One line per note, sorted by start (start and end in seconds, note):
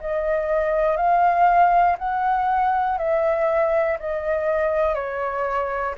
0.00 0.96 D#5
0.96 1.96 F5
1.98 2.97 F#5
2.97 3.97 E5
3.99 4.95 D#5
4.95 5.95 C#5